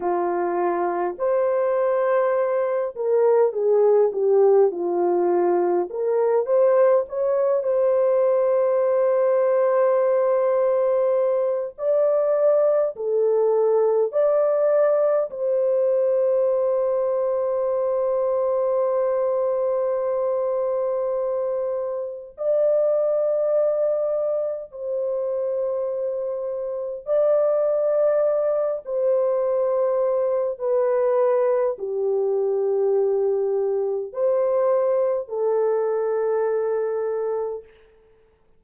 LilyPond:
\new Staff \with { instrumentName = "horn" } { \time 4/4 \tempo 4 = 51 f'4 c''4. ais'8 gis'8 g'8 | f'4 ais'8 c''8 cis''8 c''4.~ | c''2 d''4 a'4 | d''4 c''2.~ |
c''2. d''4~ | d''4 c''2 d''4~ | d''8 c''4. b'4 g'4~ | g'4 c''4 a'2 | }